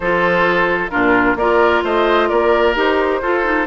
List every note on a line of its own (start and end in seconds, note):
0.00 0.90 F3
0.00 0.91 F4
0.00 0.91 A4
0.00 0.90 C5
0.90 1.35 A#2
0.90 1.36 D4
0.90 1.37 F4
0.90 1.36 A#4
1.35 1.81 A#3
1.35 2.75 F4
1.35 1.84 A#4
1.35 1.83 D5
1.84 2.30 A3
1.84 2.28 C5
1.84 2.28 D#5
2.28 2.75 A#3
2.28 3.20 A#4
2.28 2.74 D5
2.75 3.21 D#4
2.75 3.21 G4
2.75 3.66 C5
3.21 3.66 F4
3.21 3.44 F4
3.21 3.66 A4
3.44 3.66 D#4